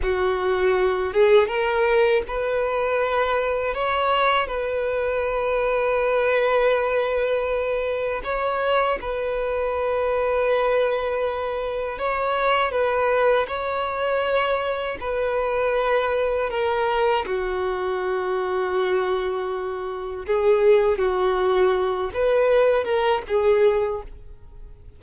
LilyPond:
\new Staff \with { instrumentName = "violin" } { \time 4/4 \tempo 4 = 80 fis'4. gis'8 ais'4 b'4~ | b'4 cis''4 b'2~ | b'2. cis''4 | b'1 |
cis''4 b'4 cis''2 | b'2 ais'4 fis'4~ | fis'2. gis'4 | fis'4. b'4 ais'8 gis'4 | }